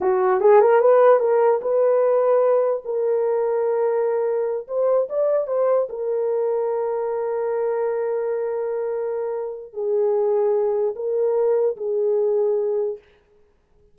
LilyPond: \new Staff \with { instrumentName = "horn" } { \time 4/4 \tempo 4 = 148 fis'4 gis'8 ais'8 b'4 ais'4 | b'2. ais'4~ | ais'2.~ ais'8 c''8~ | c''8 d''4 c''4 ais'4.~ |
ais'1~ | ais'1 | gis'2. ais'4~ | ais'4 gis'2. | }